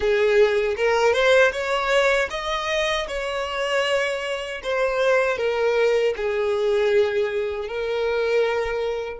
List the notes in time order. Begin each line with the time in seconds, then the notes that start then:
0.00 G#4
0.76 A#4
1.13 C5
1.52 C#5
2.30 D#5
3.07 C#5
4.63 C5
5.37 A#4
6.16 G#4
7.67 A#4